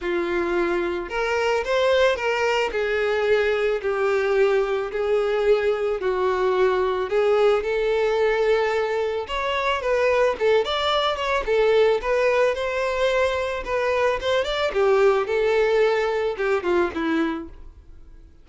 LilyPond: \new Staff \with { instrumentName = "violin" } { \time 4/4 \tempo 4 = 110 f'2 ais'4 c''4 | ais'4 gis'2 g'4~ | g'4 gis'2 fis'4~ | fis'4 gis'4 a'2~ |
a'4 cis''4 b'4 a'8 d''8~ | d''8 cis''8 a'4 b'4 c''4~ | c''4 b'4 c''8 d''8 g'4 | a'2 g'8 f'8 e'4 | }